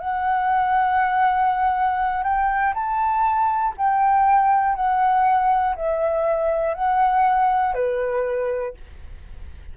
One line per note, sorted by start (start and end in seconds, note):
0.00 2.23 F#5
2.23 2.73 G5
2.75 3.75 A5
3.77 4.75 G5
4.75 5.75 F#5
5.75 6.75 E5
6.75 7.74 F#5
7.74 8.74 B4